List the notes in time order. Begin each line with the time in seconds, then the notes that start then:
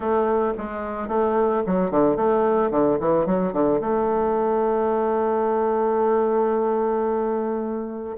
0.00 A3
0.57 G#3
1.08 A3
1.66 F#3
1.90 D3
2.16 A3
2.70 D3
3.00 E3
3.26 F#3
3.52 D3
3.80 A3